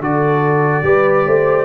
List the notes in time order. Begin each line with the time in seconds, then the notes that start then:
0.00 D3 F#4 A4 D5
0.84 G3 G4 B4
1.27 A3 C5